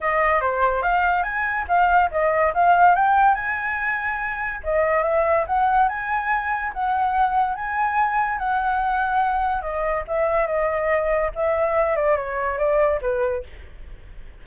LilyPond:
\new Staff \with { instrumentName = "flute" } { \time 4/4 \tempo 4 = 143 dis''4 c''4 f''4 gis''4 | f''4 dis''4 f''4 g''4 | gis''2. dis''4 | e''4 fis''4 gis''2 |
fis''2 gis''2 | fis''2. dis''4 | e''4 dis''2 e''4~ | e''8 d''8 cis''4 d''4 b'4 | }